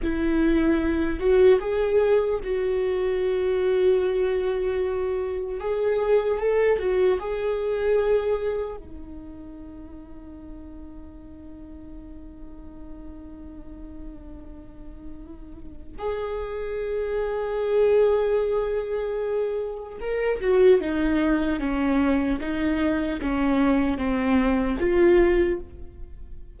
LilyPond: \new Staff \with { instrumentName = "viola" } { \time 4/4 \tempo 4 = 75 e'4. fis'8 gis'4 fis'4~ | fis'2. gis'4 | a'8 fis'8 gis'2 dis'4~ | dis'1~ |
dis'1 | gis'1~ | gis'4 ais'8 fis'8 dis'4 cis'4 | dis'4 cis'4 c'4 f'4 | }